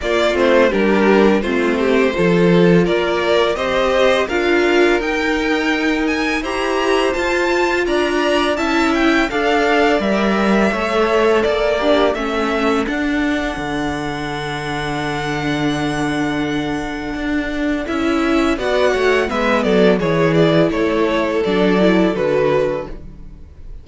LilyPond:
<<
  \new Staff \with { instrumentName = "violin" } { \time 4/4 \tempo 4 = 84 d''8 c''8 ais'4 c''2 | d''4 dis''4 f''4 g''4~ | g''8 gis''8 ais''4 a''4 ais''4 | a''8 g''8 f''4 e''2 |
d''4 e''4 fis''2~ | fis''1~ | fis''4 e''4 fis''4 e''8 d''8 | cis''8 d''8 cis''4 d''4 b'4 | }
  \new Staff \with { instrumentName = "violin" } { \time 4/4 f'4 g'4 f'8 g'8 a'4 | ais'4 c''4 ais'2~ | ais'4 c''2 d''4 | e''4 d''2 cis''4 |
d''8 d'8 a'2.~ | a'1~ | a'2 d''8 cis''8 b'8 a'8 | gis'4 a'2. | }
  \new Staff \with { instrumentName = "viola" } { \time 4/4 ais8 c'8 d'4 c'4 f'4~ | f'4 g'4 f'4 dis'4~ | dis'4 g'4 f'2 | e'4 a'4 ais'4 a'4~ |
a'8 g'8 cis'4 d'2~ | d'1~ | d'4 e'4 fis'4 b4 | e'2 d'8 e'8 fis'4 | }
  \new Staff \with { instrumentName = "cello" } { \time 4/4 ais8 a8 g4 a4 f4 | ais4 c'4 d'4 dis'4~ | dis'4 e'4 f'4 d'4 | cis'4 d'4 g4 a4 |
ais4 a4 d'4 d4~ | d1 | d'4 cis'4 b8 a8 gis8 fis8 | e4 a4 fis4 d4 | }
>>